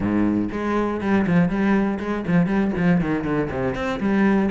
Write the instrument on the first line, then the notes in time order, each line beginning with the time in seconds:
cello
0.00 G#2
0.51 G#3
1.00 G3
1.26 F3
1.48 G3
1.99 G#3
2.27 F3
2.46 G3
2.76 F3
3.00 D#3
3.24 D3
3.50 C3
3.74 C4
4.00 G3